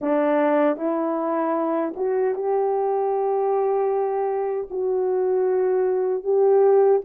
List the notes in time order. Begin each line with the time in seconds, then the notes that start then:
0.01 D4
0.76 E4
1.96 F#4
2.34 G4
4.70 F#4
6.23 G4